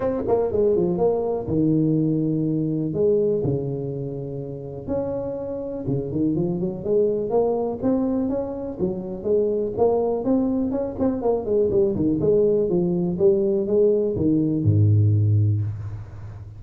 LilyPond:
\new Staff \with { instrumentName = "tuba" } { \time 4/4 \tempo 4 = 123 c'8 ais8 gis8 f8 ais4 dis4~ | dis2 gis4 cis4~ | cis2 cis'2 | cis8 dis8 f8 fis8 gis4 ais4 |
c'4 cis'4 fis4 gis4 | ais4 c'4 cis'8 c'8 ais8 gis8 | g8 dis8 gis4 f4 g4 | gis4 dis4 gis,2 | }